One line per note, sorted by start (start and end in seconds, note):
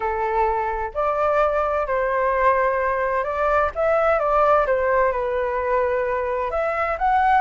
0.00 0.91 A4
0.94 1.86 D5
1.86 3.23 C5
3.23 3.70 D5
3.75 4.19 E5
4.19 4.66 D5
4.66 5.11 C5
5.11 6.50 B4
6.50 6.97 E5
6.98 7.41 F#5